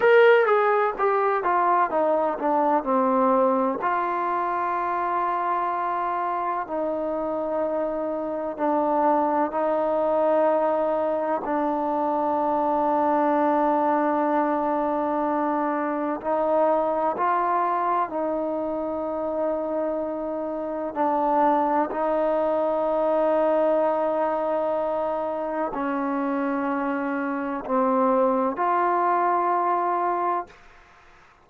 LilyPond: \new Staff \with { instrumentName = "trombone" } { \time 4/4 \tempo 4 = 63 ais'8 gis'8 g'8 f'8 dis'8 d'8 c'4 | f'2. dis'4~ | dis'4 d'4 dis'2 | d'1~ |
d'4 dis'4 f'4 dis'4~ | dis'2 d'4 dis'4~ | dis'2. cis'4~ | cis'4 c'4 f'2 | }